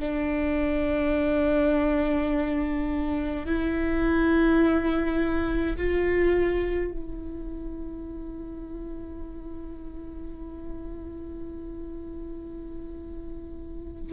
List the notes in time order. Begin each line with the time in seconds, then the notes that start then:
0.00 D4
3.46 E4
5.77 F4
6.92 E4